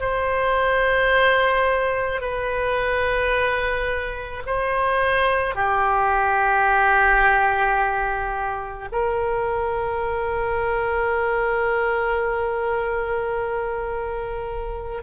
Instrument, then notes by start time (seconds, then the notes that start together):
oboe
0.00 C5
2.21 B4
4.46 C5
5.55 G4
8.92 A#4